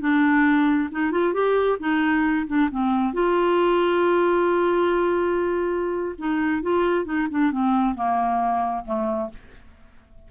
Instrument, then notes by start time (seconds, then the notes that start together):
clarinet
0.00 D4
0.91 D#4
1.11 F4
1.33 G4
1.79 D#4
2.47 D4
2.71 C4
3.13 F4
6.18 D#4
6.62 F4
7.05 D#4
7.30 D4
7.51 C4
7.95 A#3
8.85 A3